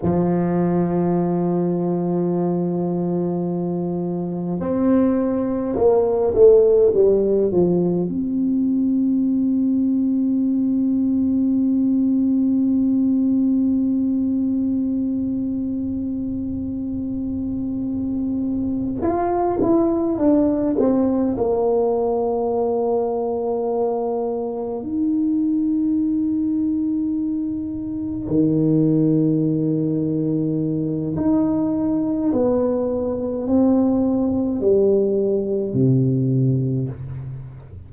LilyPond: \new Staff \with { instrumentName = "tuba" } { \time 4/4 \tempo 4 = 52 f1 | c'4 ais8 a8 g8 f8 c'4~ | c'1~ | c'1~ |
c'8 f'8 e'8 d'8 c'8 ais4.~ | ais4. dis'2~ dis'8~ | dis'8 dis2~ dis8 dis'4 | b4 c'4 g4 c4 | }